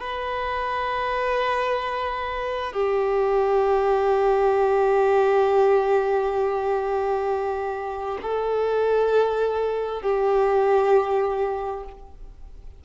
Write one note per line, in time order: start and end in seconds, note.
0.00 2.73 B4
2.73 8.18 G4
8.22 10.02 A4
10.02 11.84 G4